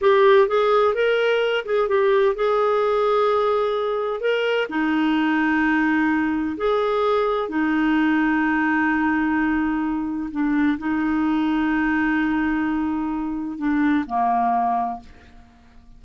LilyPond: \new Staff \with { instrumentName = "clarinet" } { \time 4/4 \tempo 4 = 128 g'4 gis'4 ais'4. gis'8 | g'4 gis'2.~ | gis'4 ais'4 dis'2~ | dis'2 gis'2 |
dis'1~ | dis'2 d'4 dis'4~ | dis'1~ | dis'4 d'4 ais2 | }